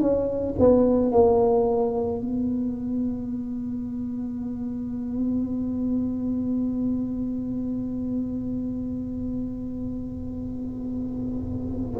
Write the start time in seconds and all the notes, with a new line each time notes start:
0.00 C#4
0.59 B3
1.12 A#3
2.21 B3